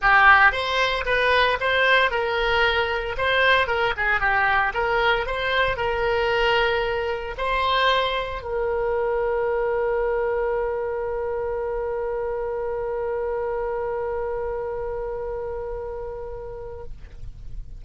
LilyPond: \new Staff \with { instrumentName = "oboe" } { \time 4/4 \tempo 4 = 114 g'4 c''4 b'4 c''4 | ais'2 c''4 ais'8 gis'8 | g'4 ais'4 c''4 ais'4~ | ais'2 c''2 |
ais'1~ | ais'1~ | ais'1~ | ais'1 | }